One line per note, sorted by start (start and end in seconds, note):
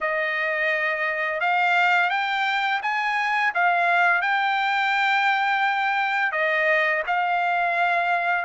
0.00 1.40 D#5
1.40 2.10 F5
2.10 2.80 G5
2.82 3.53 G#5
3.54 4.21 F5
4.21 6.32 G5
6.32 7.02 D#5
7.07 8.45 F5